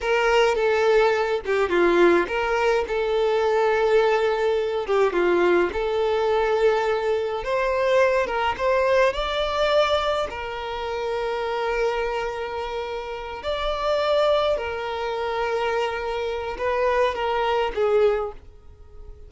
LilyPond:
\new Staff \with { instrumentName = "violin" } { \time 4/4 \tempo 4 = 105 ais'4 a'4. g'8 f'4 | ais'4 a'2.~ | a'8 g'8 f'4 a'2~ | a'4 c''4. ais'8 c''4 |
d''2 ais'2~ | ais'2.~ ais'8 d''8~ | d''4. ais'2~ ais'8~ | ais'4 b'4 ais'4 gis'4 | }